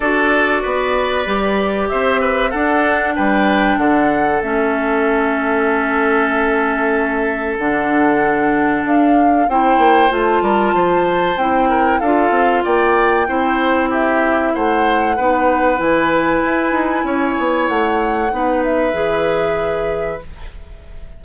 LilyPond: <<
  \new Staff \with { instrumentName = "flute" } { \time 4/4 \tempo 4 = 95 d''2. e''4 | fis''4 g''4 fis''4 e''4~ | e''1 | fis''2 f''4 g''4 |
a''2 g''4 f''4 | g''2 e''4 fis''4~ | fis''4 gis''2. | fis''4. e''2~ e''8 | }
  \new Staff \with { instrumentName = "oboe" } { \time 4/4 a'4 b'2 c''8 b'8 | a'4 b'4 a'2~ | a'1~ | a'2. c''4~ |
c''8 ais'8 c''4. ais'8 a'4 | d''4 c''4 g'4 c''4 | b'2. cis''4~ | cis''4 b'2. | }
  \new Staff \with { instrumentName = "clarinet" } { \time 4/4 fis'2 g'2 | d'2. cis'4~ | cis'1 | d'2. e'4 |
f'2 e'4 f'4~ | f'4 e'2. | dis'4 e'2.~ | e'4 dis'4 gis'2 | }
  \new Staff \with { instrumentName = "bassoon" } { \time 4/4 d'4 b4 g4 c'4 | d'4 g4 d4 a4~ | a1 | d2 d'4 c'8 ais8 |
a8 g8 f4 c'4 d'8 c'8 | ais4 c'2 a4 | b4 e4 e'8 dis'8 cis'8 b8 | a4 b4 e2 | }
>>